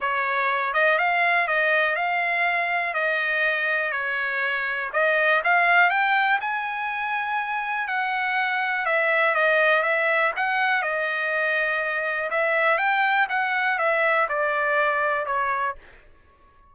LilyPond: \new Staff \with { instrumentName = "trumpet" } { \time 4/4 \tempo 4 = 122 cis''4. dis''8 f''4 dis''4 | f''2 dis''2 | cis''2 dis''4 f''4 | g''4 gis''2. |
fis''2 e''4 dis''4 | e''4 fis''4 dis''2~ | dis''4 e''4 g''4 fis''4 | e''4 d''2 cis''4 | }